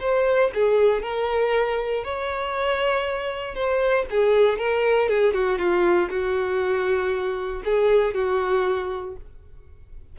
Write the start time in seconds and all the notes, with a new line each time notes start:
0.00 C5
0.54 G#4
1.02 A#4
2.04 C#5
3.55 C5
4.10 G#4
4.58 A#4
5.09 G#4
5.33 F#4
5.58 F4
6.10 F#4
7.65 G#4
8.14 F#4